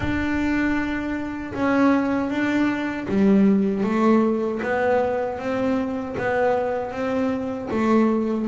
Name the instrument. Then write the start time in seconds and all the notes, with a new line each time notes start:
double bass
0.00 D4
1.53 C#4
2.29 D4
3.08 G3
3.83 A3
4.63 B3
5.38 C4
6.17 B3
6.91 C4
7.71 A3